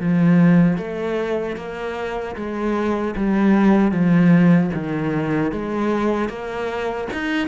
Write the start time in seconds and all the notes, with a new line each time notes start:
0.00 F3
0.78 A3
1.57 A#3
2.36 G#3
3.17 G3
3.92 F3
4.74 D#3
5.52 G#3
6.29 A#3
7.13 D#4